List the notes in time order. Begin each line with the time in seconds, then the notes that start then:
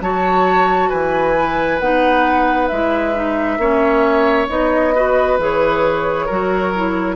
0.00 F#3 F#4 C#5 A5
0.89 E3 B4 G#5
1.36 E4
1.79 B3 D#4 F#5
2.67 G#3 E4 E5
3.14 D#4
3.57 A#3 C#4 C#5
4.48 B3 D#4 D#5
4.94 F#4 B4
5.38 E3 G#4 C#5
6.25 F#3 F#4 A#4
6.75 E4